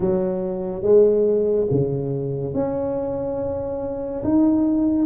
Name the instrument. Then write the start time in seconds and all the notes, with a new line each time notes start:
tuba
0.00 F#3
0.82 G#3
1.71 C#3
2.54 C#4
4.23 D#4